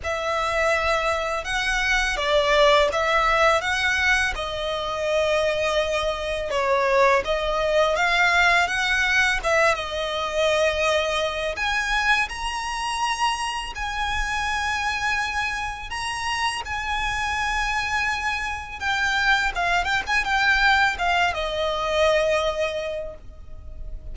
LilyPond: \new Staff \with { instrumentName = "violin" } { \time 4/4 \tempo 4 = 83 e''2 fis''4 d''4 | e''4 fis''4 dis''2~ | dis''4 cis''4 dis''4 f''4 | fis''4 e''8 dis''2~ dis''8 |
gis''4 ais''2 gis''4~ | gis''2 ais''4 gis''4~ | gis''2 g''4 f''8 g''16 gis''16 | g''4 f''8 dis''2~ dis''8 | }